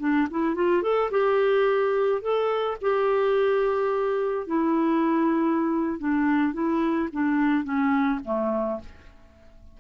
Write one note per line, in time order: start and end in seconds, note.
0.00 0.28 D4
0.31 0.55 E4
0.55 0.83 F4
0.83 1.11 A4
1.11 2.22 G4
2.22 2.78 A4
2.82 4.47 G4
4.47 5.99 E4
5.99 6.54 D4
6.54 7.09 E4
7.13 7.64 D4
7.64 8.20 C#4
8.25 8.80 A3